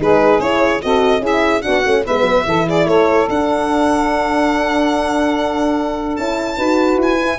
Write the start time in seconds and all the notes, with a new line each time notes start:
0.00 G#3 D#4 G#4 B4
0.39 C#4 E4 C#5
0.82 C4 F#4 A4 D#5
1.19 C#4 E4 G#4
1.27 E5
1.62 B3 D4 F#4 F#5
1.85 A3 C#4
2.05 G#3 B3 B4 E5
2.22 F#3
2.46 E3 E4 A4
2.66 G#4 D5
2.86 A3 A4 C#5
3.29 D4 F#5
6.16 C#4 E4 A5
6.57 D#4 F#4 B4
6.96 E4 G#5
7.21 E4